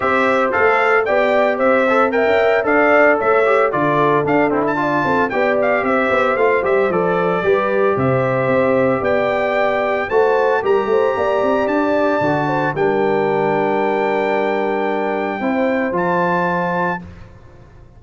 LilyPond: <<
  \new Staff \with { instrumentName = "trumpet" } { \time 4/4 \tempo 4 = 113 e''4 f''4 g''4 e''4 | g''4 f''4 e''4 d''4 | f''8 c'16 a''4~ a''16 g''8 f''8 e''4 | f''8 e''8 d''2 e''4~ |
e''4 g''2 a''4 | ais''2 a''2 | g''1~ | g''2 a''2 | }
  \new Staff \with { instrumentName = "horn" } { \time 4/4 c''2 d''4 c''4 | e''4 d''4 cis''4 a'4~ | a'4 d''8 a'8 d''4 c''4~ | c''2 b'4 c''4~ |
c''4 d''2 c''4 | ais'8 c''8 d''2~ d''8 c''8 | ais'1~ | ais'4 c''2. | }
  \new Staff \with { instrumentName = "trombone" } { \time 4/4 g'4 a'4 g'4. a'8 | ais'4 a'4. g'8 f'4 | d'8 e'8 f'4 g'2 | f'8 g'8 a'4 g'2~ |
g'2. fis'4 | g'2. fis'4 | d'1~ | d'4 e'4 f'2 | }
  \new Staff \with { instrumentName = "tuba" } { \time 4/4 c'4 a4 b4 c'4~ | c'16 cis'8. d'4 a4 d4 | d'4. c'8 b4 c'8 b8 | a8 g8 f4 g4 c4 |
c'4 b2 a4 | g8 a8 ais8 c'8 d'4 d4 | g1~ | g4 c'4 f2 | }
>>